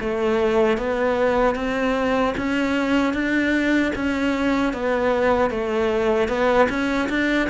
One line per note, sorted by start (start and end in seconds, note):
0.00 0.78 A3
0.78 1.55 B3
1.55 2.34 C4
2.38 3.14 C#4
3.14 3.93 D4
3.95 4.73 C#4
4.73 5.50 B3
5.50 6.29 A3
6.29 6.68 B3
6.70 7.09 C#4
7.09 7.49 D4